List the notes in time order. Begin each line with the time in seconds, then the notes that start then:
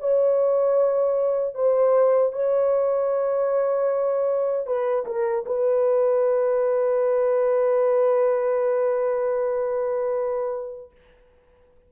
0.00 C#5
1.55 C5
2.33 C#5
4.67 B4
5.06 A#4
5.46 B4